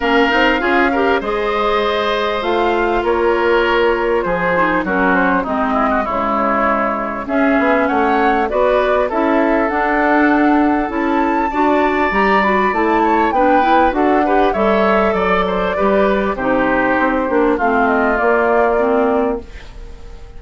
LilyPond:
<<
  \new Staff \with { instrumentName = "flute" } { \time 4/4 \tempo 4 = 99 f''2 dis''2 | f''4 cis''2 c''4 | ais'8 c''8 dis''4 cis''2 | e''4 fis''4 d''4 e''4 |
fis''2 a''2 | ais''8 b''8 a''4 g''4 fis''4 | e''4 d''2 c''4~ | c''4 f''8 dis''8 d''2 | }
  \new Staff \with { instrumentName = "oboe" } { \time 4/4 ais'4 gis'8 ais'8 c''2~ | c''4 ais'2 gis'4 | fis'4 dis'8 e'16 fis'16 e'2 | gis'4 cis''4 b'4 a'4~ |
a'2. d''4~ | d''4. cis''8 b'4 a'8 b'8 | cis''4 d''8 c''8 b'4 g'4~ | g'4 f'2. | }
  \new Staff \with { instrumentName = "clarinet" } { \time 4/4 cis'8 dis'8 f'8 g'8 gis'2 | f'2.~ f'8 dis'8 | cis'4 c'4 gis2 | cis'2 fis'4 e'4 |
d'2 e'4 fis'4 | g'8 fis'8 e'4 d'8 e'8 fis'8 g'8 | a'2 g'4 dis'4~ | dis'8 d'8 c'4 ais4 c'4 | }
  \new Staff \with { instrumentName = "bassoon" } { \time 4/4 ais8 c'8 cis'4 gis2 | a4 ais2 f4 | fis4 gis4 cis2 | cis'8 b8 a4 b4 cis'4 |
d'2 cis'4 d'4 | g4 a4 b4 d'4 | g4 fis4 g4 c4 | c'8 ais8 a4 ais2 | }
>>